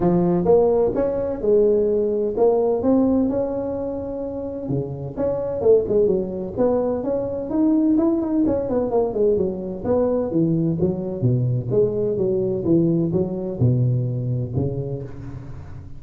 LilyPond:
\new Staff \with { instrumentName = "tuba" } { \time 4/4 \tempo 4 = 128 f4 ais4 cis'4 gis4~ | gis4 ais4 c'4 cis'4~ | cis'2 cis4 cis'4 | a8 gis8 fis4 b4 cis'4 |
dis'4 e'8 dis'8 cis'8 b8 ais8 gis8 | fis4 b4 e4 fis4 | b,4 gis4 fis4 e4 | fis4 b,2 cis4 | }